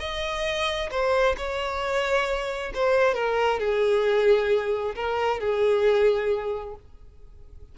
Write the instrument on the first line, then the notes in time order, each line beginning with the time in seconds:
violin
0.00 D#5
0.91 C5
1.37 C#5
2.75 C5
3.15 A#4
3.60 G#4
4.95 A#4
5.40 G#4